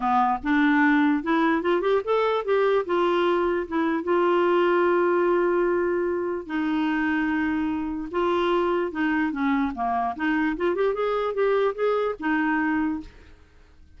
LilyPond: \new Staff \with { instrumentName = "clarinet" } { \time 4/4 \tempo 4 = 148 b4 d'2 e'4 | f'8 g'8 a'4 g'4 f'4~ | f'4 e'4 f'2~ | f'1 |
dis'1 | f'2 dis'4 cis'4 | ais4 dis'4 f'8 g'8 gis'4 | g'4 gis'4 dis'2 | }